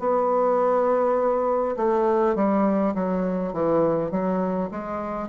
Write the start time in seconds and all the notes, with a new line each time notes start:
0.00 B3
1.77 A3
2.36 G3
2.95 F#3
3.53 E3
4.12 F#3
4.72 G#3